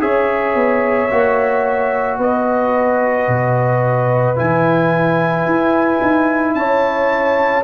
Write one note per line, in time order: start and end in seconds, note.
0.00 0.55 C#4
0.00 1.09 G#4
0.00 2.18 C#5
0.00 2.19 E5
0.55 1.09 B3
1.10 2.18 A#3
1.10 4.36 F#4
2.18 3.27 B3
2.18 6.55 B4
2.18 4.38 D#5
3.27 4.36 B2
4.36 5.45 E3
4.36 7.63 E4
4.36 6.54 G#5
5.45 6.00 E4
6.01 6.54 D#4
6.54 7.63 C#4
6.54 7.64 C#5
6.54 7.63 A5